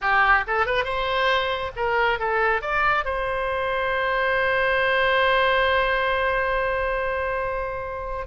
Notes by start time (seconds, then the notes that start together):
0.01 G4
0.47 A4
0.66 B4
0.84 C5
1.75 A#4
2.19 A4
2.61 D5
3.04 C5